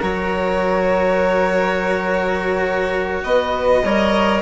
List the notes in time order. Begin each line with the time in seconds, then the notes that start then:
0.00 F#3 F#4 A#4 C#5
3.24 B3 B4 D#5
3.84 G3 A#4 C#5